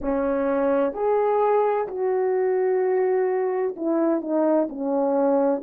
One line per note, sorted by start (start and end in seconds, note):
0.01 0.93 C#4
0.93 1.87 G#4
1.87 3.75 F#4
3.76 4.21 E4
4.21 4.67 D#4
4.69 5.62 C#4